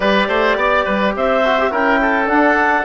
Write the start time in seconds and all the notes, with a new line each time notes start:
0.00 G3 G4 B4 D5
0.28 A3 C5
0.55 B3 D5
0.84 G3 B4
1.15 C4 C5 E5
1.45 F#4
1.58 G4
1.71 C#4 E4 A#4 G5
2.01 A4
2.25 D4 F#5